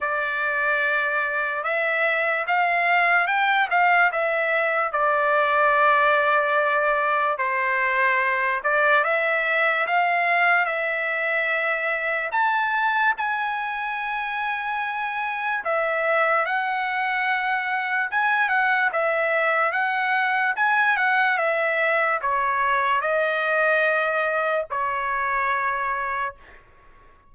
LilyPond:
\new Staff \with { instrumentName = "trumpet" } { \time 4/4 \tempo 4 = 73 d''2 e''4 f''4 | g''8 f''8 e''4 d''2~ | d''4 c''4. d''8 e''4 | f''4 e''2 a''4 |
gis''2. e''4 | fis''2 gis''8 fis''8 e''4 | fis''4 gis''8 fis''8 e''4 cis''4 | dis''2 cis''2 | }